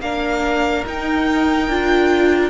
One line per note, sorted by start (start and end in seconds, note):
0.00 0.83 A#3
0.00 0.85 D4
0.00 2.50 A#4
0.00 0.84 F5
0.86 1.68 D#4
0.86 1.70 D#4
0.86 2.50 G5
1.68 2.50 D4
1.68 2.50 F4